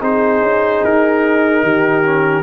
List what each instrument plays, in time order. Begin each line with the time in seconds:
0.00 tuba C4, trombone D#4, horn G#4, trumpet C5
0.41 tuba C#4
0.84 tuba D#4, trumpet A#4
1.62 tuba D#3, horn G4
2.03 trombone C#4